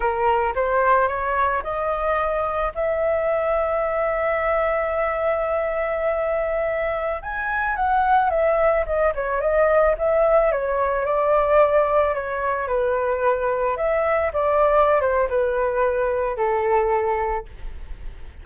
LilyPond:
\new Staff \with { instrumentName = "flute" } { \time 4/4 \tempo 4 = 110 ais'4 c''4 cis''4 dis''4~ | dis''4 e''2.~ | e''1~ | e''4~ e''16 gis''4 fis''4 e''8.~ |
e''16 dis''8 cis''8 dis''4 e''4 cis''8.~ | cis''16 d''2 cis''4 b'8.~ | b'4~ b'16 e''4 d''4~ d''16 c''8 | b'2 a'2 | }